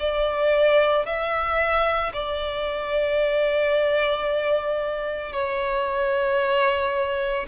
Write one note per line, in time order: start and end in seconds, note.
0.00 1.06 D5
1.06 2.13 E5
2.13 5.32 D5
5.32 7.47 C#5